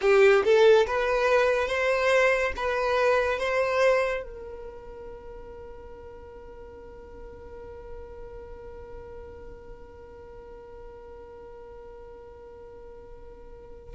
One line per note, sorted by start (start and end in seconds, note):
0.01 0.43 G4
0.44 0.86 A4
0.86 1.67 B4
1.67 2.52 C5
2.56 3.39 B4
3.39 4.23 C5
4.23 13.94 A#4